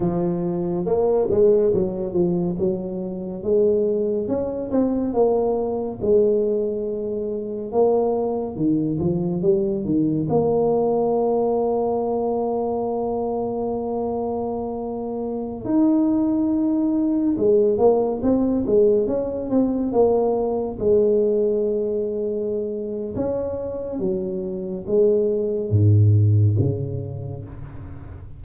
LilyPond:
\new Staff \with { instrumentName = "tuba" } { \time 4/4 \tempo 4 = 70 f4 ais8 gis8 fis8 f8 fis4 | gis4 cis'8 c'8 ais4 gis4~ | gis4 ais4 dis8 f8 g8 dis8 | ais1~ |
ais2~ ais16 dis'4.~ dis'16~ | dis'16 gis8 ais8 c'8 gis8 cis'8 c'8 ais8.~ | ais16 gis2~ gis8. cis'4 | fis4 gis4 gis,4 cis4 | }